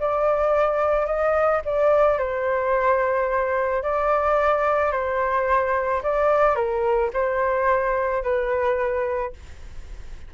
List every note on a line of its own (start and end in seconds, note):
0.00 1.06 D5
1.06 1.61 D#5
1.65 2.18 D5
2.18 3.83 C5
3.83 4.92 D5
4.92 6.02 C5
6.03 6.55 D5
6.55 7.10 A#4
7.13 8.23 C5
8.23 9.33 B4